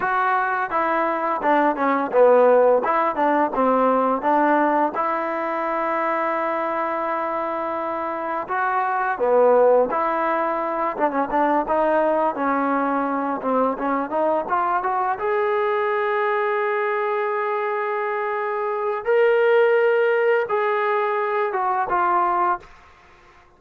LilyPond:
\new Staff \with { instrumentName = "trombone" } { \time 4/4 \tempo 4 = 85 fis'4 e'4 d'8 cis'8 b4 | e'8 d'8 c'4 d'4 e'4~ | e'1 | fis'4 b4 e'4. d'16 cis'16 |
d'8 dis'4 cis'4. c'8 cis'8 | dis'8 f'8 fis'8 gis'2~ gis'8~ | gis'2. ais'4~ | ais'4 gis'4. fis'8 f'4 | }